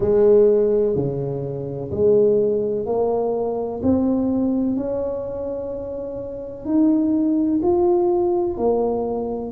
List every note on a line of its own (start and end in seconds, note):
0.00 0.95 G#3
0.95 1.90 C#3
1.91 2.86 G#3
2.86 3.81 A#3
3.83 4.76 C4
4.76 6.65 C#4
6.65 7.60 D#4
7.62 8.57 F4
8.57 9.51 A#3